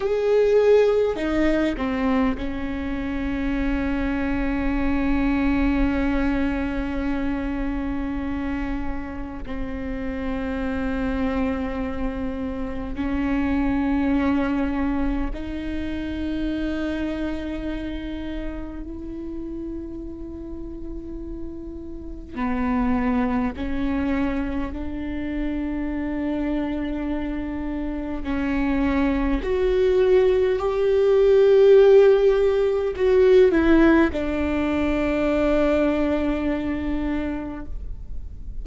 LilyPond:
\new Staff \with { instrumentName = "viola" } { \time 4/4 \tempo 4 = 51 gis'4 dis'8 c'8 cis'2~ | cis'1 | c'2. cis'4~ | cis'4 dis'2. |
e'2. b4 | cis'4 d'2. | cis'4 fis'4 g'2 | fis'8 e'8 d'2. | }